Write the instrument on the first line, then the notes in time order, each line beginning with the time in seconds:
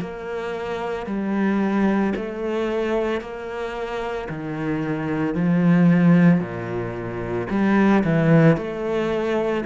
cello
0.00 A#3
1.06 G3
2.16 A3
3.21 A#3
4.29 D#3
5.34 F3
6.40 A#2
7.50 G3
8.04 E3
8.57 A3